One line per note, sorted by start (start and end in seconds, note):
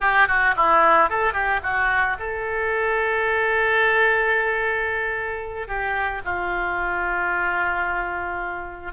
0.00 0.27 G4
0.27 0.54 F#4
0.56 1.09 E4
1.09 1.33 A4
1.33 1.60 G4
1.62 2.16 F#4
2.19 5.67 A4
5.67 6.21 G4
6.25 8.92 F4